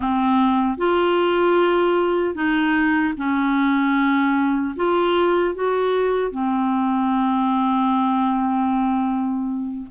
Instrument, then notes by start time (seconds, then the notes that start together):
clarinet
0.00 C4
0.77 F4
2.35 D#4
3.17 C#4
4.75 F4
5.54 F#4
6.31 C4